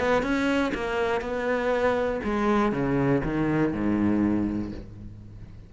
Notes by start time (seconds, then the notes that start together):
0.00 B3
0.23 C#4
0.75 A#3
1.21 B3
2.24 G#3
2.73 C#3
3.24 D#3
3.73 G#2